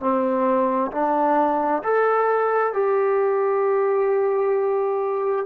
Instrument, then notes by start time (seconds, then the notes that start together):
trombone
0.00 C4
0.91 D4
1.83 A4
2.73 G4